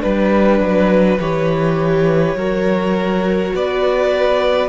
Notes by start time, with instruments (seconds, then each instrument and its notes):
0.00 cello G3, viola D4, violin B4
0.60 cello F#3
1.20 cello E3, viola G4, violin C#5
2.35 cello F#3, viola F#4, violin A#4
3.54 cello B3, violin B4 D5